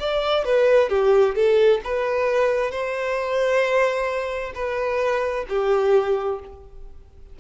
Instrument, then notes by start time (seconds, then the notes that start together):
violin
0.00 D5
0.45 B4
0.90 G4
1.36 A4
1.85 B4
2.71 C5
4.55 B4
5.49 G4